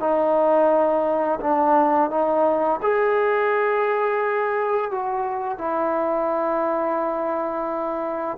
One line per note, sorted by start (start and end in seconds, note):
0.00 1.40 D#4
1.40 2.10 D4
2.10 2.80 D#4
2.83 4.91 G#4
4.91 5.58 F#4
5.58 8.37 E4